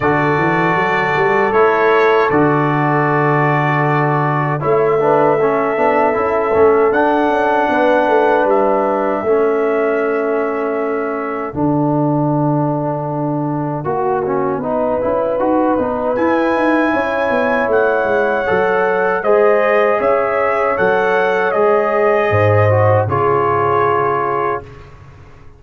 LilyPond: <<
  \new Staff \with { instrumentName = "trumpet" } { \time 4/4 \tempo 4 = 78 d''2 cis''4 d''4~ | d''2 e''2~ | e''4 fis''2 e''4~ | e''2. fis''4~ |
fis''1~ | fis''4 gis''2 fis''4~ | fis''4 dis''4 e''4 fis''4 | dis''2 cis''2 | }
  \new Staff \with { instrumentName = "horn" } { \time 4/4 a'1~ | a'2 cis''8 b'8 a'4~ | a'2 b'2 | a'1~ |
a'2 fis'4 b'4~ | b'2 cis''2~ | cis''4 c''4 cis''2~ | cis''4 c''4 gis'2 | }
  \new Staff \with { instrumentName = "trombone" } { \time 4/4 fis'2 e'4 fis'4~ | fis'2 e'8 d'8 cis'8 d'8 | e'8 cis'8 d'2. | cis'2. d'4~ |
d'2 fis'8 cis'8 dis'8 e'8 | fis'8 dis'8 e'2. | a'4 gis'2 a'4 | gis'4. fis'8 f'2 | }
  \new Staff \with { instrumentName = "tuba" } { \time 4/4 d8 e8 fis8 g8 a4 d4~ | d2 a4. b8 | cis'8 a8 d'8 cis'8 b8 a8 g4 | a2. d4~ |
d2 ais4 b8 cis'8 | dis'8 b8 e'8 dis'8 cis'8 b8 a8 gis8 | fis4 gis4 cis'4 fis4 | gis4 gis,4 cis2 | }
>>